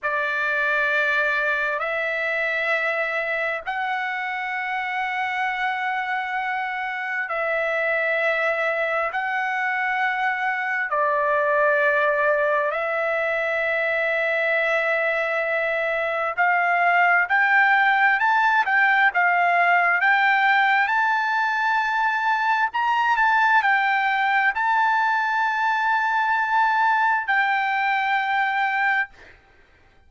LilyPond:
\new Staff \with { instrumentName = "trumpet" } { \time 4/4 \tempo 4 = 66 d''2 e''2 | fis''1 | e''2 fis''2 | d''2 e''2~ |
e''2 f''4 g''4 | a''8 g''8 f''4 g''4 a''4~ | a''4 ais''8 a''8 g''4 a''4~ | a''2 g''2 | }